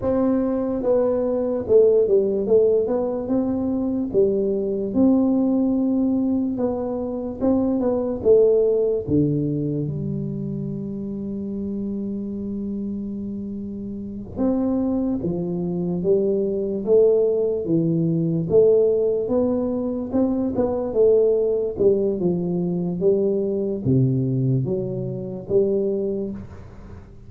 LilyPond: \new Staff \with { instrumentName = "tuba" } { \time 4/4 \tempo 4 = 73 c'4 b4 a8 g8 a8 b8 | c'4 g4 c'2 | b4 c'8 b8 a4 d4 | g1~ |
g4. c'4 f4 g8~ | g8 a4 e4 a4 b8~ | b8 c'8 b8 a4 g8 f4 | g4 c4 fis4 g4 | }